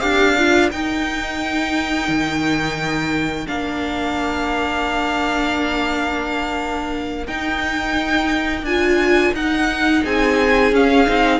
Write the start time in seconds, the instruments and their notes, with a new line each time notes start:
0.00 cello D4, viola G4, violin A#4 F5
0.38 viola F4
0.71 viola D#4, cello D#4, violin G5
2.08 cello D#3
3.46 cello A#3, viola D4, violin F5
7.27 cello D#4, viola D#4, violin G5
8.62 cello D4, viola F4, violin G#5
9.33 cello D#4, viola D#4, violin F#5
10.03 cello C4, violin G#4 G#5
10.72 viola C#4, cello C#4, violin F5
11.06 cello C4, viola D#4